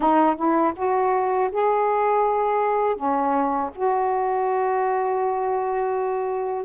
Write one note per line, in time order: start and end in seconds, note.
0.00 0.35 D#4
0.36 0.73 E4
0.76 1.50 F#4
1.51 2.96 G#4
2.96 3.70 C#4
3.74 6.64 F#4